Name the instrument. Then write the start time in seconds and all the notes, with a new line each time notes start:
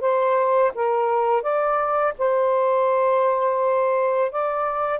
saxophone
0.00 C5
0.74 A#4
1.42 D5
2.18 C5
4.31 D5